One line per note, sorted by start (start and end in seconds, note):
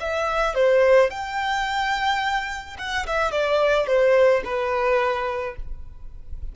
0.00 0.55 E5
0.55 1.10 C5
1.10 2.77 G5
2.78 3.06 F#5
3.06 3.31 E5
3.31 3.86 D5
3.86 4.42 C5
4.44 5.56 B4